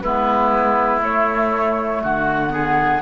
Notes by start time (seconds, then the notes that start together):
0.00 G#3 B3 E4 B4
1.01 A3 C#5
2.02 D3 F#4 F#5
2.48 B3 G#4